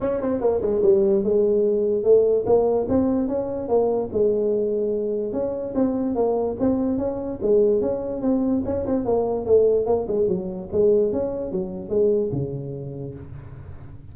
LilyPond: \new Staff \with { instrumentName = "tuba" } { \time 4/4 \tempo 4 = 146 cis'8 c'8 ais8 gis8 g4 gis4~ | gis4 a4 ais4 c'4 | cis'4 ais4 gis2~ | gis4 cis'4 c'4 ais4 |
c'4 cis'4 gis4 cis'4 | c'4 cis'8 c'8 ais4 a4 | ais8 gis8 fis4 gis4 cis'4 | fis4 gis4 cis2 | }